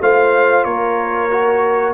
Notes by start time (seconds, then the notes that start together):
0.00 A3 F4 C5 F5
0.64 A#3 A#4 C#5
1.30 F#4